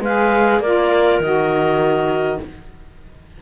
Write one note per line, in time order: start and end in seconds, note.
0.00 0.59 G#3
0.00 0.63 G#4
0.00 0.61 B4
0.00 0.61 F5
0.59 1.19 A#3
0.59 1.23 F4
0.59 2.40 A#4
0.59 1.20 D5
1.19 2.38 D#3
1.19 2.42 F#4
1.19 2.40 D#5